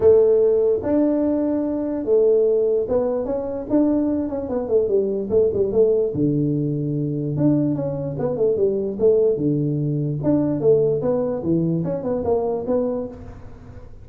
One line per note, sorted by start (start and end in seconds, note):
0.00 0.80 A3
0.82 2.04 D4
2.04 2.86 A3
2.88 3.25 B3
3.25 3.65 C#4
3.69 4.28 D4
4.28 4.49 C#4
4.49 4.68 B3
4.68 4.88 A3
4.88 5.29 G3
5.30 5.50 A3
5.53 5.72 G3
5.72 6.12 A3
6.14 7.36 D3
7.36 7.75 D4
7.75 8.16 C#4
8.18 8.36 B3
8.36 8.57 A3
8.57 8.97 G3
8.99 9.37 A3
9.37 10.18 D3
10.23 10.60 D4
10.60 11.01 A3
11.01 11.42 B3
11.42 11.83 E3
11.84 12.03 C#4
12.03 12.23 B3
12.24 12.65 A#3
12.66 13.07 B3